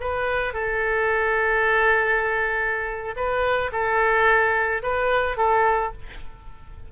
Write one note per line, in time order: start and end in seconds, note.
0.00 0.53 B4
0.53 3.15 A4
3.16 3.71 B4
3.72 4.82 A4
4.82 5.37 B4
5.37 5.92 A4